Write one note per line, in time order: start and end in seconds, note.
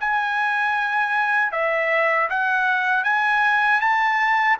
0.00 1.52 G#5
1.52 2.29 E5
2.30 3.03 F#5
3.03 3.80 G#5
3.80 4.57 A5